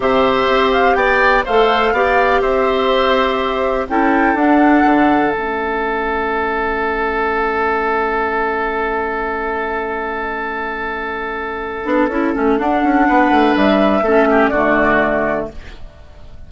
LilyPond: <<
  \new Staff \with { instrumentName = "flute" } { \time 4/4 \tempo 4 = 124 e''4. f''8 g''4 f''4~ | f''4 e''2. | g''4 fis''2 e''4~ | e''1~ |
e''1~ | e''1~ | e''2 fis''2 | e''2 d''2 | }
  \new Staff \with { instrumentName = "oboe" } { \time 4/4 c''2 d''4 c''4 | d''4 c''2. | a'1~ | a'1~ |
a'1~ | a'1~ | a'2. b'4~ | b'4 a'8 g'8 fis'2 | }
  \new Staff \with { instrumentName = "clarinet" } { \time 4/4 g'2. a'4 | g'1 | e'4 d'2 cis'4~ | cis'1~ |
cis'1~ | cis'1~ | cis'8 d'8 e'8 cis'8 d'2~ | d'4 cis'4 a2 | }
  \new Staff \with { instrumentName = "bassoon" } { \time 4/4 c4 c'4 b4 a4 | b4 c'2. | cis'4 d'4 d4 a4~ | a1~ |
a1~ | a1~ | a8 b8 cis'8 a8 d'8 cis'8 b8 a8 | g4 a4 d2 | }
>>